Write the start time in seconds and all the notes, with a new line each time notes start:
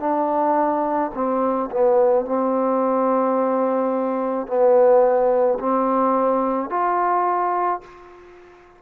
0.00 D4
1.14 C4
1.71 B3
2.25 C4
4.47 B3
5.59 C4
6.70 F4